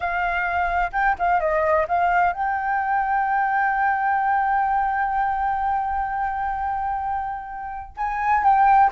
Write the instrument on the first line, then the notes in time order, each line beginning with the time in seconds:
flute
0.00 F5
0.92 G5
1.18 F5
1.40 D#5
1.87 F5
2.32 G5
7.97 G#5
8.43 G5